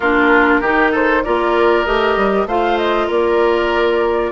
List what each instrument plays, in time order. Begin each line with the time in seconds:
0.00 bassoon A#3, clarinet D4, oboe F4, flute A#4
0.60 bassoon D#3, clarinet D#4, oboe G4
0.91 oboe A4, flute C5
1.23 bassoon A#3, clarinet F4, oboe A#4, flute D5
1.85 bassoon A3, clarinet G4, flute D#5
2.16 bassoon G3
2.45 bassoon A3, clarinet F4, oboe C5, flute F5
2.77 flute D#5
3.07 bassoon A#3, oboe A#4, flute D5